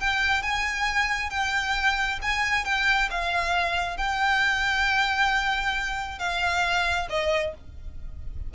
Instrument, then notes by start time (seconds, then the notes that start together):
violin
0.00 G5
0.43 G#5
1.30 G5
2.22 G#5
2.65 G5
3.11 F5
3.97 G5
6.19 F5
7.10 D#5